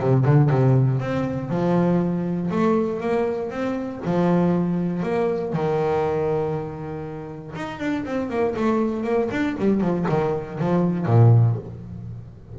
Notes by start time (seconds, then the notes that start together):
0.00 C3
0.25 D3
0.50 C3
1.00 C4
1.50 F3
2.51 A3
3.00 A#3
3.50 C4
4.05 F3
5.03 A#3
5.53 D#3
7.56 D#4
7.79 D4
8.05 C4
8.30 A#3
8.56 A3
9.03 A#3
9.31 D4
9.58 G3
9.81 F3
10.09 D#3
10.60 F3
11.06 A#2